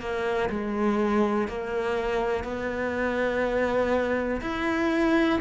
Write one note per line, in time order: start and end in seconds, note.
0.00 0.49 A#3
0.50 1.48 G#3
1.48 2.44 A#3
2.44 4.41 B3
4.41 5.40 E4